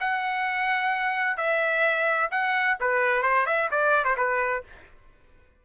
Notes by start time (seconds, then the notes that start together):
0.00 F#5
1.37 E5
2.31 F#5
2.80 B4
3.22 C5
3.46 E5
3.70 D5
4.04 C5
4.16 B4